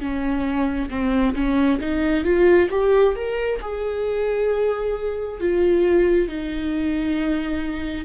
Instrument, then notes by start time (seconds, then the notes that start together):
viola
0.00 C#4
0.90 C4
1.35 C#4
1.80 D#4
2.24 F4
2.70 G4
3.15 A#4
3.61 G#4
5.41 F4
6.28 D#4